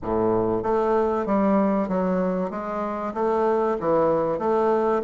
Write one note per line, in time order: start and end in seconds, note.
0.02 0.62 A2
0.62 1.25 A3
1.25 1.88 G3
1.88 2.50 F#3
2.50 3.13 G#3
3.13 3.77 A3
3.80 4.38 E3
4.38 5.02 A3